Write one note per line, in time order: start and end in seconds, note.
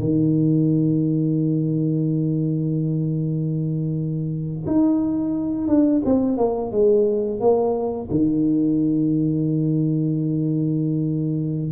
0.00 4.66 D#3
4.67 5.68 D#4
5.68 6.03 D4
6.05 6.38 C4
6.38 6.71 A#3
6.71 7.40 G#3
7.40 8.09 A#3
8.11 11.72 D#3